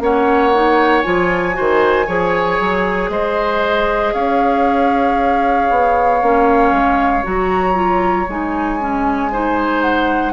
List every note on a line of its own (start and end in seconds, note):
0.00 1.03 A#3
0.00 0.52 C#4
0.00 1.56 C#5
0.00 1.02 F#5
0.53 1.03 D#4
1.02 1.57 F3
1.02 1.53 F4
1.02 3.09 G#5
1.53 2.04 F#4
1.53 2.06 C5
1.59 2.07 D#3
2.06 2.59 F3
2.06 6.21 G#4
2.06 3.10 C#5
2.59 3.09 F#3
3.09 4.12 G#3
3.09 4.14 C5
3.09 4.13 D#5
4.13 5.69 C#4
4.13 9.31 C#5
4.13 7.24 F5
5.70 6.22 B3
6.22 6.72 A#3
6.22 7.23 C#4
6.72 7.23 G#3
7.23 8.28 F#3
7.23 7.73 F#4
7.23 8.28 A#5
7.73 8.25 F4
8.28 10.33 G#3
8.28 8.79 D#4
8.28 9.81 G#5
8.79 9.31 C#4
9.32 10.33 D#4
9.32 10.33 C5
9.81 10.33 F#5